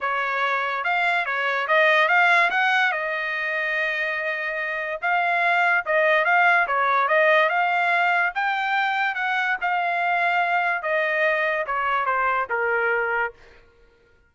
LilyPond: \new Staff \with { instrumentName = "trumpet" } { \time 4/4 \tempo 4 = 144 cis''2 f''4 cis''4 | dis''4 f''4 fis''4 dis''4~ | dis''1 | f''2 dis''4 f''4 |
cis''4 dis''4 f''2 | g''2 fis''4 f''4~ | f''2 dis''2 | cis''4 c''4 ais'2 | }